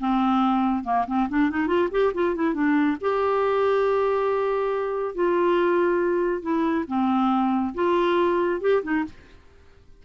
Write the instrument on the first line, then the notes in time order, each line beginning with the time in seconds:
clarinet
0.00 C4
0.84 A#3
1.07 C4
1.29 D4
1.50 D#4
1.67 F4
1.91 G4
2.14 F4
2.35 E4
2.54 D4
3.01 G4
5.15 F4
6.42 E4
6.88 C4
7.75 F4
8.61 G4
8.83 D#4